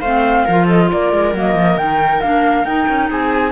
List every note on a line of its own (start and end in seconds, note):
0.00 0.45 A3
0.00 0.49 C4
0.00 0.45 C5
0.00 0.66 F5
0.45 0.92 F3
0.45 1.34 F4
0.45 0.65 A#4
0.65 0.87 A4
0.65 0.90 D#5
0.91 1.12 A#3
0.91 3.10 A#4
0.91 1.36 D5
1.12 1.34 G#3
1.34 1.54 F#3
1.34 1.78 A#3
1.34 1.77 D#5
1.54 1.76 F3
1.76 2.21 D#3
1.76 2.22 D#4
1.76 2.21 G5
2.21 2.64 A#3
2.21 2.66 D4
2.21 2.65 F5
2.64 2.86 D#4
2.64 3.52 D#4
2.64 3.09 G5
2.88 3.10 C#4
3.10 3.52 C4
3.10 3.52 G#4
3.10 3.52 G#5